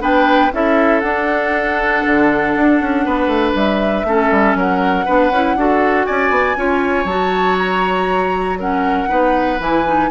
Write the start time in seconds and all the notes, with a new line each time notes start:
0.00 B3 D4 B4 G5
0.53 C#4 E4 A4 E5
1.00 D4 F#5
2.06 D3
2.56 D4
2.81 C#4
3.05 B3 B4
3.27 A3
3.55 G3 E5
4.04 A3 C#4 A4
4.31 G3
4.55 F#3 A#4 F#5
5.05 B3 D4 B4
5.30 C#4 E4
5.55 D4 F#4 A4
6.05 C#4 D5 G#5
6.30 B3
6.56 C#4 F4 C#5
7.04 F#3 F#4 A5
7.58 A#5
8.59 C#4 A#4 F#5
9.08 B3 D#4 B4
9.60 E3 E4 G#5
9.85 D#4